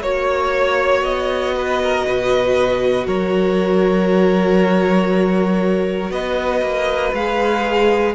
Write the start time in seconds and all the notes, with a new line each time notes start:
0.00 A#3 F#4 C#5
1.01 B3 D#5
1.56 B4
1.82 A#4
2.06 B2 B4
3.06 F#3 A#4 C#5
6.10 B3 B4 D#5
6.61 A#3
7.12 G#3 G#4 F5